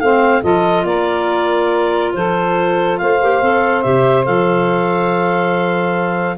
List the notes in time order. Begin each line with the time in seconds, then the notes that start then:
0.00 A3 C4 C5 F5
0.42 F3 F4 A4 D#5
0.84 A#3 A#4 D5
2.14 F3 A4 C5
2.98 A3 C5 F5
3.20 A#3 G4
3.42 C4 A4
3.82 C3 G4 E5
4.25 F3 A4 F5